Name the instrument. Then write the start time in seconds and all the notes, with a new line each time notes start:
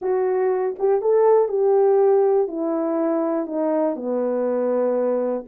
horn
0.01 F#4
0.78 G4
1.01 A4
1.48 G4
2.47 E4
3.46 D#4
3.95 B3